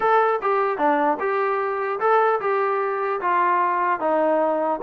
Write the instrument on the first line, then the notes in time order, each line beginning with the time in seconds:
trombone
0.00 A4
0.42 G4
0.78 D4
1.19 G4
2.00 A4
2.40 G4
3.21 F4
4.00 D#4